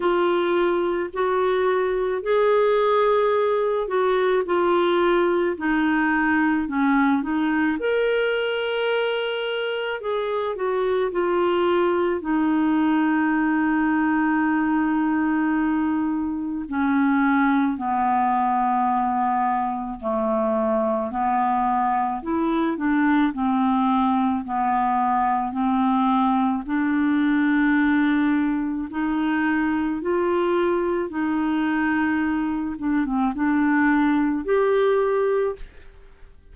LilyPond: \new Staff \with { instrumentName = "clarinet" } { \time 4/4 \tempo 4 = 54 f'4 fis'4 gis'4. fis'8 | f'4 dis'4 cis'8 dis'8 ais'4~ | ais'4 gis'8 fis'8 f'4 dis'4~ | dis'2. cis'4 |
b2 a4 b4 | e'8 d'8 c'4 b4 c'4 | d'2 dis'4 f'4 | dis'4. d'16 c'16 d'4 g'4 | }